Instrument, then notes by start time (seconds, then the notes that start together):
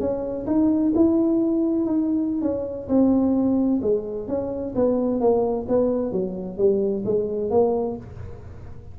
tuba
0.00 C#4
0.47 D#4
0.95 E4
1.86 D#4
2.42 C#4
2.88 C4
3.82 G#3
4.28 C#4
4.75 B3
5.20 A#3
5.68 B3
6.12 F#3
6.58 G3
7.05 G#3
7.50 A#3